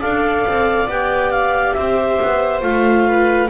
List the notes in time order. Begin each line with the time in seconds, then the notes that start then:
0.00 D4 A4 D5 F5
0.48 C4
0.87 B3 G4 G5
1.31 F5
1.73 C4 C5 E5
2.21 B3
2.61 A3 F4 F5
3.07 B4